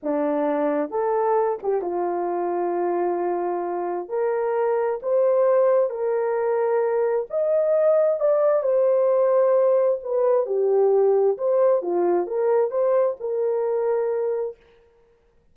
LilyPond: \new Staff \with { instrumentName = "horn" } { \time 4/4 \tempo 4 = 132 d'2 a'4. g'8 | f'1~ | f'4 ais'2 c''4~ | c''4 ais'2. |
dis''2 d''4 c''4~ | c''2 b'4 g'4~ | g'4 c''4 f'4 ais'4 | c''4 ais'2. | }